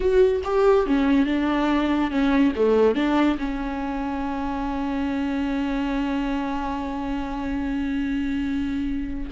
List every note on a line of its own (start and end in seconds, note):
0.00 0.41 F#4
0.44 0.86 G4
0.86 1.26 C#4
1.26 2.10 D4
2.10 2.52 C#4
2.55 2.95 A3
2.95 3.37 D4
3.38 9.30 C#4